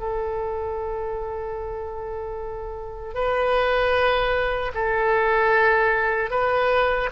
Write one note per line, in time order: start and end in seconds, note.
0.00 3.14 A4
3.14 4.72 B4
4.75 6.31 A4
6.31 7.10 B4